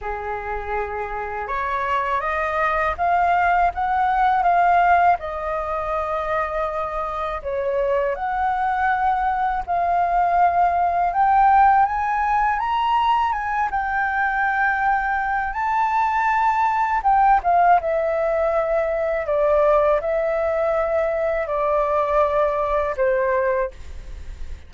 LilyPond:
\new Staff \with { instrumentName = "flute" } { \time 4/4 \tempo 4 = 81 gis'2 cis''4 dis''4 | f''4 fis''4 f''4 dis''4~ | dis''2 cis''4 fis''4~ | fis''4 f''2 g''4 |
gis''4 ais''4 gis''8 g''4.~ | g''4 a''2 g''8 f''8 | e''2 d''4 e''4~ | e''4 d''2 c''4 | }